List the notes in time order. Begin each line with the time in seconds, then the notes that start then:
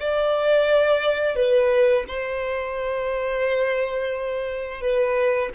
0.00 D5
1.36 B4
2.08 C5
4.81 B4